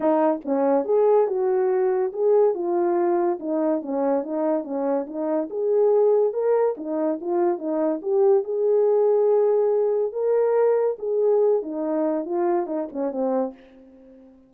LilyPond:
\new Staff \with { instrumentName = "horn" } { \time 4/4 \tempo 4 = 142 dis'4 cis'4 gis'4 fis'4~ | fis'4 gis'4 f'2 | dis'4 cis'4 dis'4 cis'4 | dis'4 gis'2 ais'4 |
dis'4 f'4 dis'4 g'4 | gis'1 | ais'2 gis'4. dis'8~ | dis'4 f'4 dis'8 cis'8 c'4 | }